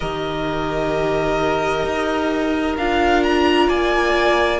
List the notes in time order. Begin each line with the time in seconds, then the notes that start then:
0.00 D#3 G4 A#4 D#5
1.84 D#4
2.77 D4 F4 F5
3.23 A#5
3.67 A#3 D5 G#5